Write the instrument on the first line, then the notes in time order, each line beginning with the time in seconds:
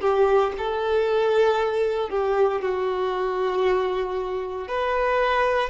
violin
0.00 G4
0.58 A4
2.09 G4
2.61 F#4
4.67 B4